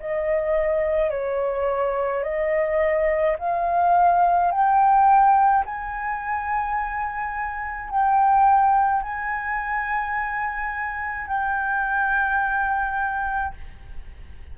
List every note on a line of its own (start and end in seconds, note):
0.00 1.11 D#5
1.11 2.23 C#5
2.23 3.37 D#5
3.39 4.51 F5
4.51 5.64 G5
5.66 7.90 G#5
7.90 9.03 G5
9.03 11.27 G#5
11.27 13.54 G5